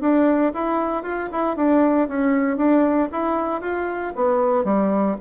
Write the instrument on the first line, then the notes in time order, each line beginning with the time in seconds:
bassoon
0.00 D4
0.53 E4
1.03 F4
1.31 E4
1.56 D4
2.08 C#4
2.57 D4
3.11 E4
3.61 F4
4.15 B3
4.64 G3